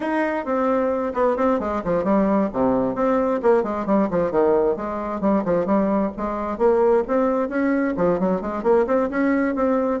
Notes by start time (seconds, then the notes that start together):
0.00 D#4
0.45 C4
1.14 B3
1.36 C4
1.59 G#3
1.84 F3
2.04 G3
2.52 C3
2.95 C4
3.42 A#3
3.63 G#3
3.86 G3
4.10 F3
4.31 D#3
4.76 G#3
5.20 G3
5.44 F3
5.65 G3
6.17 G#3
6.58 A#3
7.07 C4
7.49 C#4
7.96 F3
8.19 F#3
8.41 G#3
8.63 A#3
8.87 C4
9.10 C#4
9.55 C4